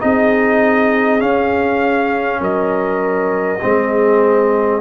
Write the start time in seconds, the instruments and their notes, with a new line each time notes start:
0.00 tuba C4, trombone D#4, horn G#4, trumpet D#5
1.20 trombone C#4, tuba C#4, trumpet F5
2.40 tuba F#3, horn A#4, trumpet D#5
3.62 tuba G#3, trombone C4, horn G#4